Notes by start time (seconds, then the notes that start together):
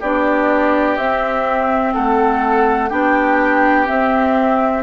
0.00 B3 D4 G4 D5
0.97 C4 E5
1.94 A3 A4 F#5
2.90 B3 D4 G4 G5
3.86 C4 E5